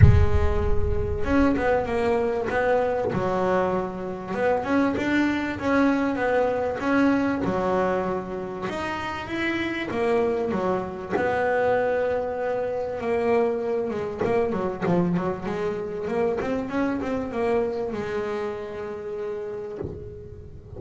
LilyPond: \new Staff \with { instrumentName = "double bass" } { \time 4/4 \tempo 4 = 97 gis2 cis'8 b8 ais4 | b4 fis2 b8 cis'8 | d'4 cis'4 b4 cis'4 | fis2 dis'4 e'4 |
ais4 fis4 b2~ | b4 ais4. gis8 ais8 fis8 | f8 fis8 gis4 ais8 c'8 cis'8 c'8 | ais4 gis2. | }